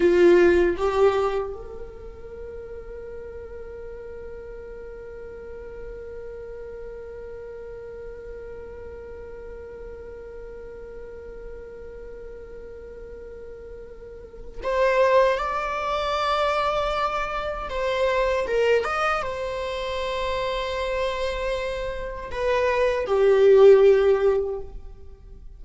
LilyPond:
\new Staff \with { instrumentName = "viola" } { \time 4/4 \tempo 4 = 78 f'4 g'4 ais'2~ | ais'1~ | ais'1~ | ais'1~ |
ais'2. c''4 | d''2. c''4 | ais'8 dis''8 c''2.~ | c''4 b'4 g'2 | }